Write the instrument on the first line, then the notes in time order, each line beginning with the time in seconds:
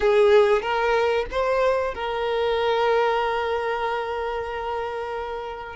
violin
0.00 G#4
0.62 A#4
1.31 C5
1.94 A#4